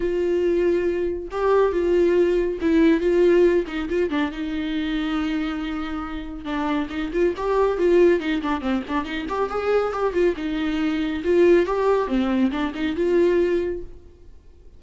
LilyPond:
\new Staff \with { instrumentName = "viola" } { \time 4/4 \tempo 4 = 139 f'2. g'4 | f'2 e'4 f'4~ | f'8 dis'8 f'8 d'8 dis'2~ | dis'2. d'4 |
dis'8 f'8 g'4 f'4 dis'8 d'8 | c'8 d'8 dis'8 g'8 gis'4 g'8 f'8 | dis'2 f'4 g'4 | c'4 d'8 dis'8 f'2 | }